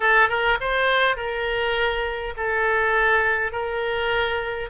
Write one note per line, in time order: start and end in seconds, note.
0.00 0.28 A4
0.28 0.58 A#4
0.60 1.16 C5
1.16 2.33 A#4
2.36 3.51 A4
3.51 4.69 A#4